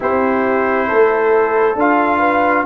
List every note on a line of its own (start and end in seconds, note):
0.00 0.89 C4
0.00 1.75 E4
0.00 0.87 G4
0.00 1.78 C5
0.87 1.75 A3
0.87 2.19 A4
1.75 2.63 D4
1.75 2.65 F4
1.75 2.65 F5
2.19 2.63 B4